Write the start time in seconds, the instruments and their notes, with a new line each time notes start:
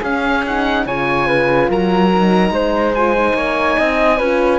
0.00 horn C#4, cello C#4, flute G#4, oboe F5
0.46 horn D#4, oboe F#5
0.86 cello C#3, horn F4, flute C#5, oboe G#5
1.27 flute B4
1.69 cello F#3, flute A#4, oboe A#5
2.12 horn D#4
2.50 cello G#3, flute C5
2.95 horn F4, oboe G#5
3.16 horn D#4
3.34 cello A#3, flute C#5
3.78 cello C4, flute D#5
4.18 cello C#4, horn F4, flute B4